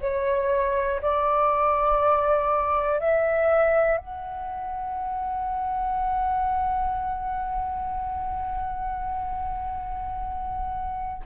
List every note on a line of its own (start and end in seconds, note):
0.00 1.00 C#5
1.01 3.00 D5
3.00 3.97 E5
3.97 11.22 F#5